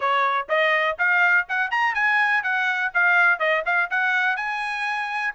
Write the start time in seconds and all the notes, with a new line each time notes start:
0.00 C#5
0.49 D#5
0.98 F5
1.48 F#5
1.71 A#5
1.94 G#5
2.43 F#5
2.94 F5
3.39 D#5
3.65 F5
3.90 F#5
4.36 G#5